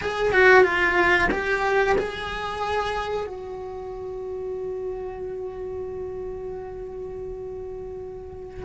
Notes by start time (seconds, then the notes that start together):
0.01 G#4
0.32 F#4
0.63 F4
1.31 G4
1.97 G#4
3.26 F#4